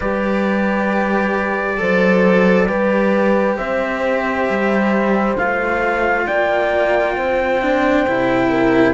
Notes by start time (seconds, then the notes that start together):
0.00 G3 G4 B4 D5
1.77 F#3 A4 C5
2.67 G3 G4 B4
3.57 C4 C5 E5
4.49 G3
5.37 A3 F4 F5
6.26 A#3 D5 G5
7.16 C4 C5
7.62 D4
8.07 C3 E4
8.49 A#4